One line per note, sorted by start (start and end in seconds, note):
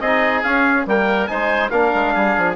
0.00 0.43 C4
0.00 0.45 D#4
0.00 0.87 G#4
0.00 0.43 D#5
0.44 0.86 C#4
0.44 0.87 C#4
0.44 0.86 F5
0.86 1.29 G3
0.86 1.29 A#3
0.86 1.30 A#4
0.86 1.27 G5
1.27 1.71 G#3
1.27 1.71 D#4
1.27 1.71 C5
1.27 1.69 G#5
1.70 1.92 A#3
1.70 2.56 D4
1.70 2.14 A#4
1.70 2.55 F5
1.94 2.15 G#3
2.14 2.37 G3
2.14 2.56 G#4
2.37 2.56 F3